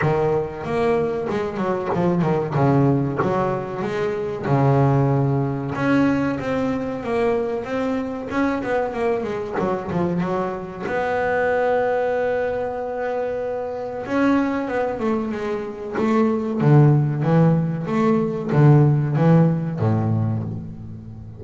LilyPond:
\new Staff \with { instrumentName = "double bass" } { \time 4/4 \tempo 4 = 94 dis4 ais4 gis8 fis8 f8 dis8 | cis4 fis4 gis4 cis4~ | cis4 cis'4 c'4 ais4 | c'4 cis'8 b8 ais8 gis8 fis8 f8 |
fis4 b2.~ | b2 cis'4 b8 a8 | gis4 a4 d4 e4 | a4 d4 e4 a,4 | }